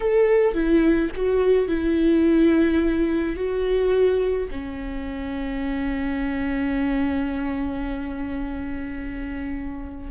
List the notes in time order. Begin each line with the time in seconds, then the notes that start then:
0.00 A4
0.54 E4
1.15 F#4
1.67 E4
3.36 F#4
4.51 C#4